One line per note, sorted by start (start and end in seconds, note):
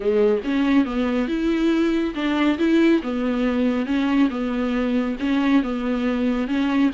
0.00 0.40 G#3
0.44 0.85 C#4
0.85 1.27 B3
1.27 2.14 E4
2.14 2.58 D4
2.58 3.01 E4
3.02 3.85 B3
3.85 4.29 C#4
4.30 5.16 B3
5.19 5.62 C#4
5.62 6.47 B3
6.47 6.90 C#4